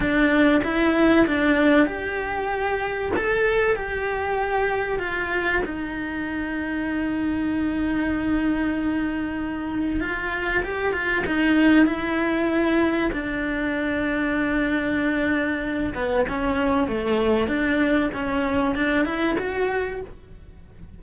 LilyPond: \new Staff \with { instrumentName = "cello" } { \time 4/4 \tempo 4 = 96 d'4 e'4 d'4 g'4~ | g'4 a'4 g'2 | f'4 dis'2.~ | dis'1 |
f'4 g'8 f'8 dis'4 e'4~ | e'4 d'2.~ | d'4. b8 cis'4 a4 | d'4 cis'4 d'8 e'8 fis'4 | }